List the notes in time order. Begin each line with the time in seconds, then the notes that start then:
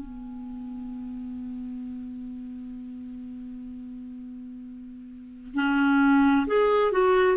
0.00 B3
5.54 C#4
6.47 G#4
6.91 F#4